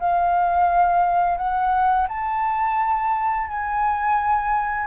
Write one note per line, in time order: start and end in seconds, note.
0.00 1.38 F5
1.38 2.08 F#5
2.09 3.48 A5
3.48 4.87 G#5